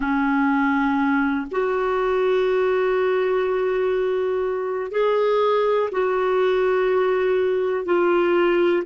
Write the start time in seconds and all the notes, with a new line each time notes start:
0.00 C#4
1.51 F#4
4.91 G#4
5.91 F#4
7.85 F4